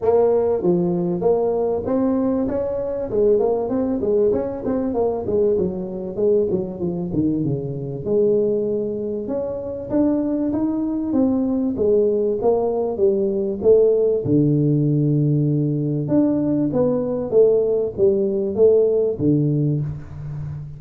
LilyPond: \new Staff \with { instrumentName = "tuba" } { \time 4/4 \tempo 4 = 97 ais4 f4 ais4 c'4 | cis'4 gis8 ais8 c'8 gis8 cis'8 c'8 | ais8 gis8 fis4 gis8 fis8 f8 dis8 | cis4 gis2 cis'4 |
d'4 dis'4 c'4 gis4 | ais4 g4 a4 d4~ | d2 d'4 b4 | a4 g4 a4 d4 | }